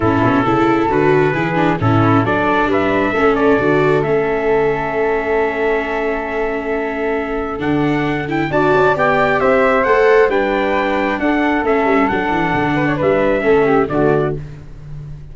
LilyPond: <<
  \new Staff \with { instrumentName = "trumpet" } { \time 4/4 \tempo 4 = 134 a'2 b'2 | a'4 d''4 e''4. d''8~ | d''4 e''2.~ | e''1~ |
e''4 fis''4. g''8 a''4 | g''4 e''4 fis''4 g''4~ | g''4 fis''4 e''4 fis''4~ | fis''4 e''2 d''4 | }
  \new Staff \with { instrumentName = "flute" } { \time 4/4 e'4 a'2 gis'4 | e'4 a'4 b'4 a'4~ | a'1~ | a'1~ |
a'2. d''4~ | d''4 c''2 b'4~ | b'4 a'2.~ | a'8 b'16 cis''16 b'4 a'8 g'8 fis'4 | }
  \new Staff \with { instrumentName = "viola" } { \time 4/4 cis'4 e'4 fis'4 e'8 d'8 | cis'4 d'2 cis'4 | fis'4 cis'2.~ | cis'1~ |
cis'4 d'4. e'8 fis'4 | g'2 a'4 d'4~ | d'2 cis'4 d'4~ | d'2 cis'4 a4 | }
  \new Staff \with { instrumentName = "tuba" } { \time 4/4 a,8 b,8 cis4 d4 e4 | a,4 fis4 g4 a4 | d4 a2.~ | a1~ |
a4 d2 d'8 cis'8 | b4 c'4 a4 g4~ | g4 d'4 a8 g8 fis8 e8 | d4 g4 a4 d4 | }
>>